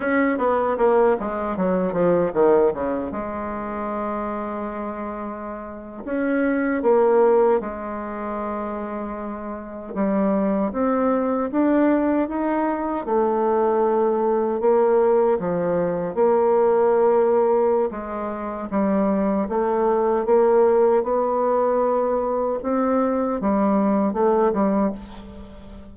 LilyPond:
\new Staff \with { instrumentName = "bassoon" } { \time 4/4 \tempo 4 = 77 cis'8 b8 ais8 gis8 fis8 f8 dis8 cis8 | gis2.~ gis8. cis'16~ | cis'8. ais4 gis2~ gis16~ | gis8. g4 c'4 d'4 dis'16~ |
dis'8. a2 ais4 f16~ | f8. ais2~ ais16 gis4 | g4 a4 ais4 b4~ | b4 c'4 g4 a8 g8 | }